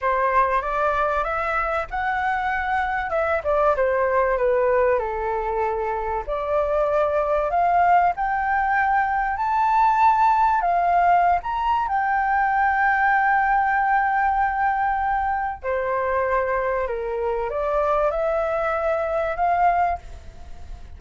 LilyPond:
\new Staff \with { instrumentName = "flute" } { \time 4/4 \tempo 4 = 96 c''4 d''4 e''4 fis''4~ | fis''4 e''8 d''8 c''4 b'4 | a'2 d''2 | f''4 g''2 a''4~ |
a''4 f''4~ f''16 ais''8. g''4~ | g''1~ | g''4 c''2 ais'4 | d''4 e''2 f''4 | }